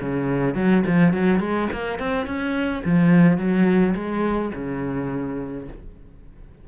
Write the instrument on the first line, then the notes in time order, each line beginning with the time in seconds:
cello
0.00 C#3
0.55 F#3
0.86 F3
1.13 F#3
1.40 G#3
1.72 A#3
1.99 C4
2.26 C#4
2.85 F3
3.38 F#3
3.95 G#3
4.55 C#3